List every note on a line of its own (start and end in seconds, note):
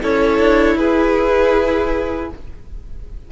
0.00 0.38 C#4
0.00 2.31 E4
0.00 0.77 A4
0.00 0.77 C#5
0.38 0.75 D4
0.75 2.29 E4
0.75 2.31 G#4
0.75 2.31 B4